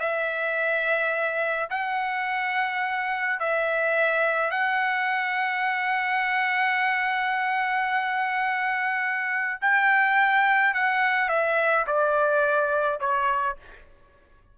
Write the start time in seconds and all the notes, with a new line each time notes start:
0.00 E5
1.71 F#5
3.40 E5
4.52 F#5
9.62 G5
10.75 F#5
11.30 E5
11.87 D5
13.00 C#5